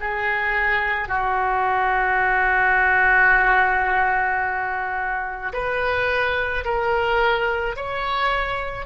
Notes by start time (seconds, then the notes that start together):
0.00 G#4
1.08 F#4
5.53 B4
6.64 A#4
7.76 C#5